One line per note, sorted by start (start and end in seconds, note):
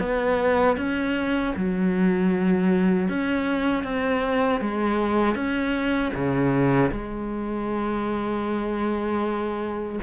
0.00 0.77 B3
0.77 1.54 C#4
1.56 3.09 F#3
3.09 3.84 C#4
3.84 4.61 C4
4.61 5.35 G#3
5.35 6.12 C#4
6.14 6.91 C#3
6.92 9.99 G#3